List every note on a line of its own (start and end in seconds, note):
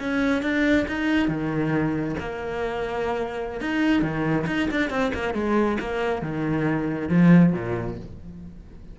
0.00 0.43 C#4
0.43 0.87 D4
0.88 1.29 D#4
1.29 2.16 D#3
2.20 3.61 A#3
3.61 4.03 D#4
4.03 4.46 D#3
4.47 4.69 D#4
4.71 4.91 D4
4.91 5.13 C4
5.14 5.35 A#3
5.35 5.78 G#3
5.80 6.22 A#3
6.22 7.09 D#3
7.09 7.53 F3
7.53 7.97 A#2